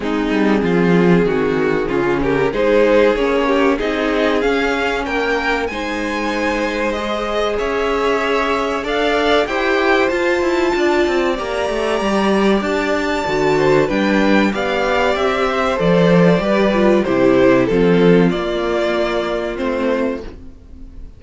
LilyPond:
<<
  \new Staff \with { instrumentName = "violin" } { \time 4/4 \tempo 4 = 95 gis'2.~ gis'8 ais'8 | c''4 cis''4 dis''4 f''4 | g''4 gis''2 dis''4 | e''2 f''4 g''4 |
a''2 ais''2 | a''2 g''4 f''4 | e''4 d''2 c''4 | a'4 d''2 c''4 | }
  \new Staff \with { instrumentName = "violin" } { \time 4/4 dis'4 f'4 fis'4 f'8 g'8 | gis'4. g'8 gis'2 | ais'4 c''2. | cis''2 d''4 c''4~ |
c''4 d''2.~ | d''4. c''8 b'4 d''4~ | d''8 c''4. b'4 g'4 | f'1 | }
  \new Staff \with { instrumentName = "viola" } { \time 4/4 c'2. cis'4 | dis'4 cis'4 dis'4 cis'4~ | cis'4 dis'2 gis'4~ | gis'2 a'4 g'4 |
f'2 g'2~ | g'4 fis'4 d'4 g'4~ | g'4 a'4 g'8 f'8 e'4 | c'4 ais2 c'4 | }
  \new Staff \with { instrumentName = "cello" } { \time 4/4 gis8 g8 f4 dis4 cis4 | gis4 ais4 c'4 cis'4 | ais4 gis2. | cis'2 d'4 e'4 |
f'8 e'8 d'8 c'8 ais8 a8 g4 | d'4 d4 g4 b4 | c'4 f4 g4 c4 | f4 ais2 a4 | }
>>